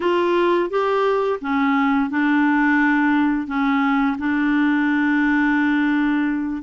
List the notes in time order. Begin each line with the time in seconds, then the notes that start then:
0.00 F4
0.69 G4
1.41 C#4
2.10 D4
3.47 C#4
4.18 D4